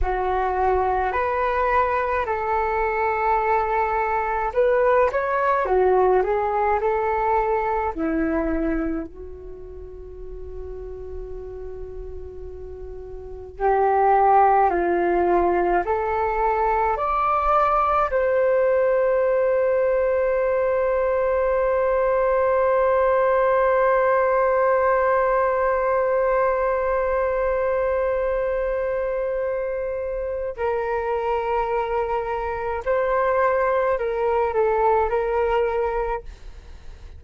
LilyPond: \new Staff \with { instrumentName = "flute" } { \time 4/4 \tempo 4 = 53 fis'4 b'4 a'2 | b'8 cis''8 fis'8 gis'8 a'4 e'4 | fis'1 | g'4 f'4 a'4 d''4 |
c''1~ | c''1~ | c''2. ais'4~ | ais'4 c''4 ais'8 a'8 ais'4 | }